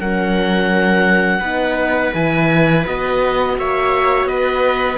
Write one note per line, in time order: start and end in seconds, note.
0.00 1.41 F#3
0.00 1.42 C#4
0.00 1.40 A#4
0.00 2.15 F#5
1.40 2.12 B3
1.40 2.12 D#4
1.40 3.54 B4
2.12 2.86 E3
2.12 2.84 E4
2.12 2.86 G#5
2.85 3.58 B3
2.85 4.99 F#4
2.85 3.58 D#5
3.58 4.25 A#3
3.58 4.29 C#5
3.58 4.27 E5
4.25 4.97 B3
4.25 4.99 B4
4.25 4.99 D#5